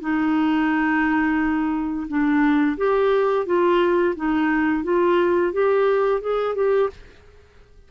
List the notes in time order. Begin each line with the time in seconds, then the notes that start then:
0.00 D#4
2.08 D4
2.77 G4
3.45 F4
4.15 D#4
4.83 F4
5.52 G4
6.21 G#4
6.55 G4